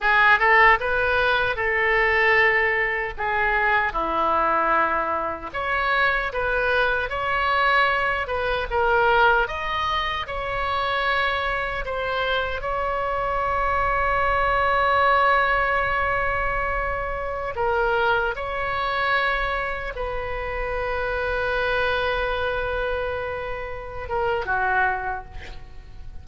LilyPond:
\new Staff \with { instrumentName = "oboe" } { \time 4/4 \tempo 4 = 76 gis'8 a'8 b'4 a'2 | gis'4 e'2 cis''4 | b'4 cis''4. b'8 ais'4 | dis''4 cis''2 c''4 |
cis''1~ | cis''2~ cis''16 ais'4 cis''8.~ | cis''4~ cis''16 b'2~ b'8.~ | b'2~ b'8 ais'8 fis'4 | }